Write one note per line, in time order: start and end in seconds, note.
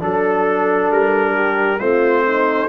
0.00 0.91 F#3
0.00 1.79 D4
0.00 0.92 A4
0.00 1.35 A4
0.91 1.81 G3
0.91 1.80 A#4
1.35 1.80 G4
1.80 2.69 A3
1.80 2.69 C4
1.80 2.25 F4
1.80 2.69 C5
2.27 2.69 D#4